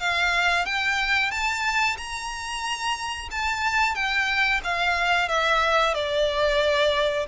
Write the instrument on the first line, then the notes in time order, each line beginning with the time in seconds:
violin
0.00 F5
0.66 G5
1.31 A5
1.98 A#5
3.31 A5
3.95 G5
4.64 F5
5.29 E5
5.94 D5